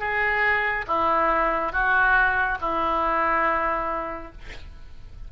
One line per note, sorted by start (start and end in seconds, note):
0.00 0.86 G#4
0.88 1.73 E4
1.73 2.58 F#4
2.61 4.32 E4